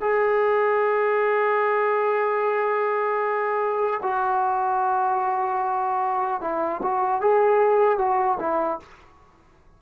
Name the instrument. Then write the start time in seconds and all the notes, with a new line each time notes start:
trombone
0.00 G#4
4.02 F#4
6.41 E4
6.82 F#4
7.21 G#4
7.98 F#4
8.39 E4